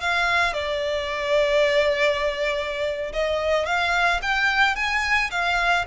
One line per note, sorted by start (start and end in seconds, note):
0.00 0.53 F5
0.53 3.12 D5
3.13 3.66 D#5
3.66 4.20 F5
4.21 4.76 G5
4.76 5.30 G#5
5.31 5.85 F5